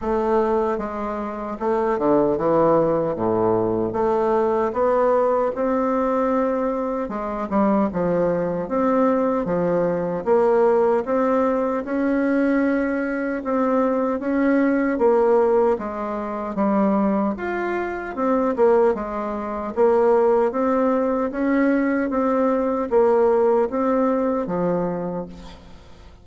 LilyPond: \new Staff \with { instrumentName = "bassoon" } { \time 4/4 \tempo 4 = 76 a4 gis4 a8 d8 e4 | a,4 a4 b4 c'4~ | c'4 gis8 g8 f4 c'4 | f4 ais4 c'4 cis'4~ |
cis'4 c'4 cis'4 ais4 | gis4 g4 f'4 c'8 ais8 | gis4 ais4 c'4 cis'4 | c'4 ais4 c'4 f4 | }